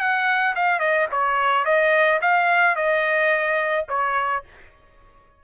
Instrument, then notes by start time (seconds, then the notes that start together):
trumpet
0.00 F#5
0.56 F5
0.80 D#5
1.12 C#5
1.65 D#5
2.22 F5
2.76 D#5
3.89 C#5